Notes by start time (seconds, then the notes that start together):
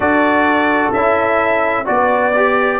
0.00 D4 F#4 A4 D5
0.93 C#4 E4 E5
1.85 B3 F#4 D5
2.36 G4